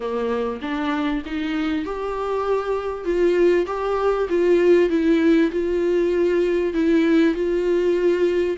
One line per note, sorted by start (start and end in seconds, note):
0.00 0.60 A#3
0.61 1.22 D4
1.25 1.85 D#4
1.85 3.04 G4
3.04 3.66 F4
3.66 4.27 G4
4.29 4.89 F4
4.89 5.50 E4
5.51 6.73 F4
6.73 7.34 E4
7.34 8.56 F4